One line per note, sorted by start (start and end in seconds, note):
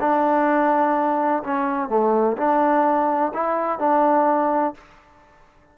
0.00 1.43 D4
1.43 1.89 C#4
1.89 2.36 A3
2.37 3.32 D4
3.33 3.79 E4
3.79 4.74 D4